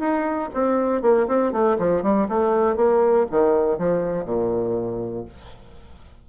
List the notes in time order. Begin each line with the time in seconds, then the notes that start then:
0.00 D#4
0.54 C4
1.02 A#3
1.28 C4
1.52 A3
1.79 F3
2.03 G3
2.29 A3
2.77 A#3
3.31 D#3
3.78 F3
4.25 A#2